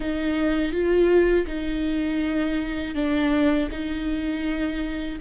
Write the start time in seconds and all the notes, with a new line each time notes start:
0.00 D#4
0.71 F4
1.46 D#4
2.95 D4
3.71 D#4